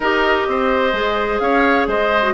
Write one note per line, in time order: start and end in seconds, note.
0.00 0.46 D#4
0.00 0.93 G4
0.00 0.47 A#4
0.00 1.39 D#5
0.47 0.92 C4
0.47 1.42 C5
0.92 1.39 G#3
0.92 2.22 G#4
1.39 1.87 C#4
1.39 1.88 C#5
1.39 1.86 F5
1.87 2.34 G#3
1.87 2.34 C5
1.87 2.34 D#5
2.22 2.34 F#4